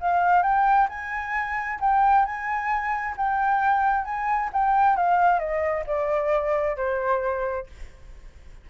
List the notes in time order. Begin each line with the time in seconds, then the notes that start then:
0.00 F5
0.42 G5
0.89 G#5
1.80 G5
2.25 G#5
3.17 G5
4.04 G#5
4.52 G5
4.96 F5
5.39 D#5
5.86 D5
6.76 C5